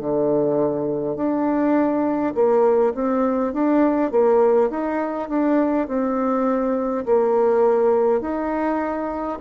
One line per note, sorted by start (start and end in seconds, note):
0.00 1.17 D3
1.17 2.34 D4
2.35 2.94 A#3
2.95 3.53 C4
3.53 4.12 D4
4.12 4.71 A#3
4.71 5.29 D#4
5.29 5.88 D4
5.88 7.06 C4
7.06 8.21 A#3
8.21 9.39 D#4